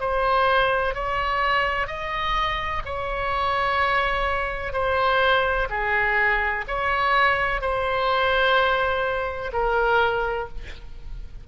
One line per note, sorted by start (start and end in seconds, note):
0.00 0.94 C5
0.94 1.87 C#5
1.87 2.82 D#5
2.85 4.72 C#5
4.72 5.68 C5
5.70 6.65 G#4
6.68 7.61 C#5
7.61 9.52 C5
9.53 10.48 A#4